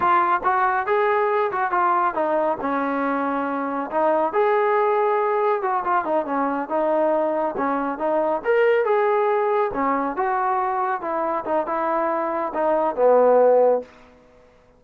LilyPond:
\new Staff \with { instrumentName = "trombone" } { \time 4/4 \tempo 4 = 139 f'4 fis'4 gis'4. fis'8 | f'4 dis'4 cis'2~ | cis'4 dis'4 gis'2~ | gis'4 fis'8 f'8 dis'8 cis'4 dis'8~ |
dis'4. cis'4 dis'4 ais'8~ | ais'8 gis'2 cis'4 fis'8~ | fis'4. e'4 dis'8 e'4~ | e'4 dis'4 b2 | }